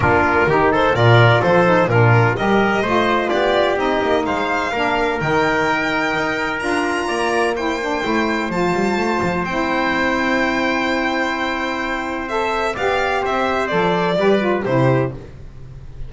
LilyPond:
<<
  \new Staff \with { instrumentName = "violin" } { \time 4/4 \tempo 4 = 127 ais'4. c''8 d''4 c''4 | ais'4 dis''2 d''4 | dis''4 f''2 g''4~ | g''2 ais''2 |
g''2 a''2 | g''1~ | g''2 e''4 f''4 | e''4 d''2 c''4 | }
  \new Staff \with { instrumentName = "trumpet" } { \time 4/4 f'4 g'8 a'8 ais'4 a'4 | f'4 ais'4 c''4 g'4~ | g'4 c''4 ais'2~ | ais'2. d''4 |
c''1~ | c''1~ | c''2. d''4 | c''2 b'4 g'4 | }
  \new Staff \with { instrumentName = "saxophone" } { \time 4/4 d'4 dis'4 f'4. dis'8 | d'4 g'4 f'2 | dis'2 d'4 dis'4~ | dis'2 f'2 |
e'8 d'8 e'4 f'2 | e'1~ | e'2 a'4 g'4~ | g'4 a'4 g'8 f'8 e'4 | }
  \new Staff \with { instrumentName = "double bass" } { \time 4/4 ais4 dis4 ais,4 f4 | ais,4 g4 a4 b4 | c'8 ais8 gis4 ais4 dis4~ | dis4 dis'4 d'4 ais4~ |
ais4 a4 f8 g8 a8 f8 | c'1~ | c'2. b4 | c'4 f4 g4 c4 | }
>>